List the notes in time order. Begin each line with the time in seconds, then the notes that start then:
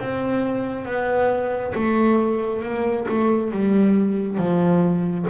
0.00 C4
0.85 B3
1.75 A3
2.63 A#3
3.08 A3
3.52 G3
4.38 F3